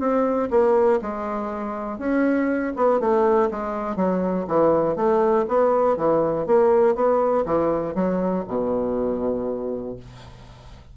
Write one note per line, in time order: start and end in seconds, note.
0.00 0.50 C4
0.51 1.01 A#3
1.02 1.99 G#3
1.99 2.73 C#4
2.76 3.01 B3
3.01 3.50 A3
3.51 3.96 G#3
3.96 4.46 F#3
4.48 4.97 E3
4.97 5.46 A3
5.49 5.97 B3
5.97 6.47 E3
6.47 6.96 A#3
6.96 7.45 B3
7.46 7.95 E3
7.95 8.45 F#3
8.48 9.97 B2